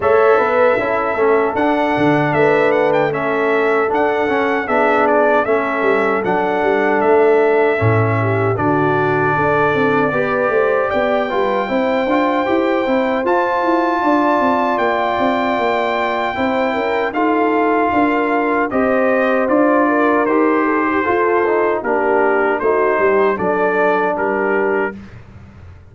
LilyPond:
<<
  \new Staff \with { instrumentName = "trumpet" } { \time 4/4 \tempo 4 = 77 e''2 fis''4 e''8 fis''16 g''16 | e''4 fis''4 e''8 d''8 e''4 | fis''4 e''2 d''4~ | d''2 g''2~ |
g''4 a''2 g''4~ | g''2 f''2 | dis''4 d''4 c''2 | ais'4 c''4 d''4 ais'4 | }
  \new Staff \with { instrumentName = "horn" } { \time 4/4 cis''8 b'8 a'2 b'4 | a'2 gis'4 a'4~ | a'2~ a'8 g'8 fis'4 | a'4 b'8 c''8 d''8 b'8 c''4~ |
c''2 d''2~ | d''4 c''8 ais'8 a'4 ais'4 | c''4. ais'4 a'16 g'16 a'4 | g'4 fis'8 g'8 a'4 g'4 | }
  \new Staff \with { instrumentName = "trombone" } { \time 4/4 a'4 e'8 cis'8 d'2 | cis'4 d'8 cis'8 d'4 cis'4 | d'2 cis'4 d'4~ | d'4 g'4. f'8 e'8 f'8 |
g'8 e'8 f'2.~ | f'4 e'4 f'2 | g'4 f'4 g'4 f'8 dis'8 | d'4 dis'4 d'2 | }
  \new Staff \with { instrumentName = "tuba" } { \time 4/4 a8 b8 cis'8 a8 d'8 d8 a4~ | a4 d'8 cis'8 b4 a8 g8 | fis8 g8 a4 a,4 d4 | d'8 c'8 b8 a8 b8 g8 c'8 d'8 |
e'8 c'8 f'8 e'8 d'8 c'8 ais8 c'8 | ais4 c'8 cis'8 dis'4 d'4 | c'4 d'4 dis'4 f'4 | ais4 a8 g8 fis4 g4 | }
>>